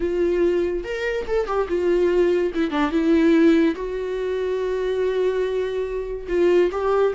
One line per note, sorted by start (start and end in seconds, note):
0.00 0.84 F4
0.84 1.25 A#4
1.27 1.46 A4
1.46 1.67 G4
1.68 2.52 F4
2.54 2.70 E4
2.70 2.91 D4
2.91 3.75 E4
3.75 6.27 F#4
6.28 6.70 F4
6.71 7.13 G4